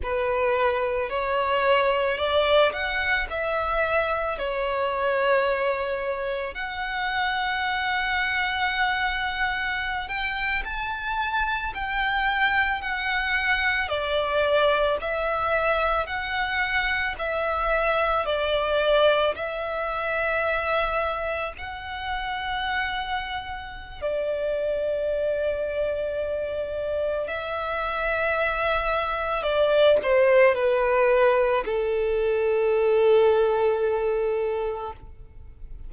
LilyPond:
\new Staff \with { instrumentName = "violin" } { \time 4/4 \tempo 4 = 55 b'4 cis''4 d''8 fis''8 e''4 | cis''2 fis''2~ | fis''4~ fis''16 g''8 a''4 g''4 fis''16~ | fis''8. d''4 e''4 fis''4 e''16~ |
e''8. d''4 e''2 fis''16~ | fis''2 d''2~ | d''4 e''2 d''8 c''8 | b'4 a'2. | }